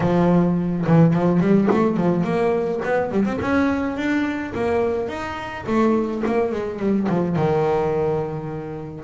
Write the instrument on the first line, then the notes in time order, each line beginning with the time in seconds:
double bass
0.00 F3
0.86 E3
1.13 F3
1.40 G3
1.71 A3
1.96 F3
2.24 A#3
2.84 B3
3.11 G3
3.25 C4
3.41 C#4
3.96 D4
4.55 A#3
5.08 D#4
5.66 A3
6.25 A#3
6.51 G#3
6.79 G3
7.09 F3
7.36 D#3